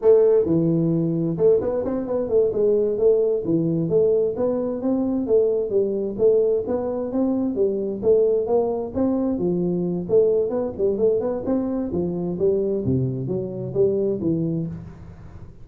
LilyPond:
\new Staff \with { instrumentName = "tuba" } { \time 4/4 \tempo 4 = 131 a4 e2 a8 b8 | c'8 b8 a8 gis4 a4 e8~ | e8 a4 b4 c'4 a8~ | a8 g4 a4 b4 c'8~ |
c'8 g4 a4 ais4 c'8~ | c'8 f4. a4 b8 g8 | a8 b8 c'4 f4 g4 | c4 fis4 g4 e4 | }